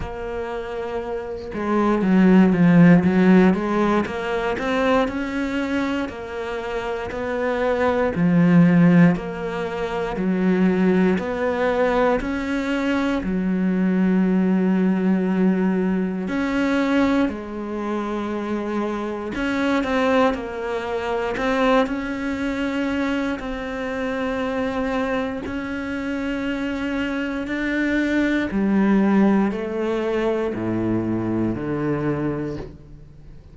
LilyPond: \new Staff \with { instrumentName = "cello" } { \time 4/4 \tempo 4 = 59 ais4. gis8 fis8 f8 fis8 gis8 | ais8 c'8 cis'4 ais4 b4 | f4 ais4 fis4 b4 | cis'4 fis2. |
cis'4 gis2 cis'8 c'8 | ais4 c'8 cis'4. c'4~ | c'4 cis'2 d'4 | g4 a4 a,4 d4 | }